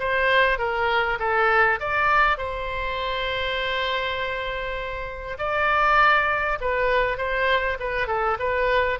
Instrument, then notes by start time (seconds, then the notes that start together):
oboe
0.00 C5
0.59 A#4
1.20 A4
1.81 D5
2.38 C5
5.39 D5
6.61 B4
7.18 C5
7.80 B4
8.08 A4
8.40 B4